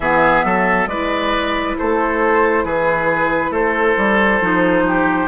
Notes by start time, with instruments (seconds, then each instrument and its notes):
0.00 bassoon E3, clarinet B3, oboe G#4, flute E5
0.44 bassoon F#3, oboe A4
0.86 bassoon G#3, clarinet E4, oboe B4, flute D5
1.78 bassoon A3, oboe A4, flute C5
2.64 bassoon E3, oboe G#4, flute B4
3.50 bassoon A3, oboe A4, flute C5
3.97 bassoon G3
4.40 bassoon F3, clarinet D#4
4.87 oboe G4